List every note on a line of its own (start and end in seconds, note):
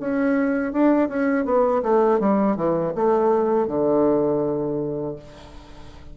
0.00 0.73 C#4
0.73 1.08 D4
1.08 1.45 C#4
1.45 1.82 B3
1.82 2.20 A3
2.20 2.56 G3
2.56 2.93 E3
2.95 3.68 A3
3.68 5.16 D3